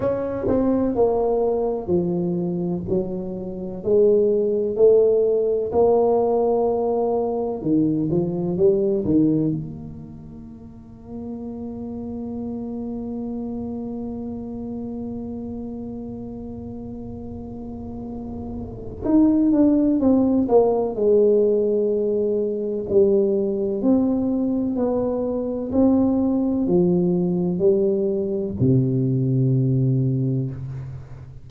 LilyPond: \new Staff \with { instrumentName = "tuba" } { \time 4/4 \tempo 4 = 63 cis'8 c'8 ais4 f4 fis4 | gis4 a4 ais2 | dis8 f8 g8 dis8 ais2~ | ais1~ |
ais1 | dis'8 d'8 c'8 ais8 gis2 | g4 c'4 b4 c'4 | f4 g4 c2 | }